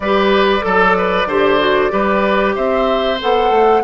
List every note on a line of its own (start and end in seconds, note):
0.00 0.61 G3
0.00 0.60 G4
0.00 0.65 B4
0.00 2.53 D5
0.60 1.26 F#3
0.60 1.24 A4
0.60 0.97 A4
0.97 1.28 B4
1.26 1.89 D3
1.26 1.59 G4
1.26 1.91 C5
1.59 1.89 F#4
1.89 2.56 G3
1.89 3.17 G4
1.89 2.55 B4
2.55 3.20 C4
2.55 3.82 C5
2.55 3.19 E5
3.20 3.50 B3
3.20 3.83 A4
3.20 3.83 F#5
3.50 3.82 A3